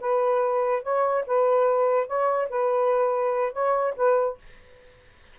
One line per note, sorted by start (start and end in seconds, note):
0.00 0.82 B4
0.82 1.24 C#5
1.26 2.07 B4
2.07 2.48 C#5
2.49 3.52 B4
3.52 3.94 C#5
3.96 4.38 B4